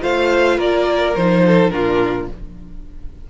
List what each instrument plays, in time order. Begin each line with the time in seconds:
0.00 cello A3, viola F4, violin C5 F5
0.58 cello A#3, violin A#4 D5
1.16 cello F3, viola D#4, violin C5
1.47 violin A4
1.70 cello A#2, viola D4, violin F4 A#4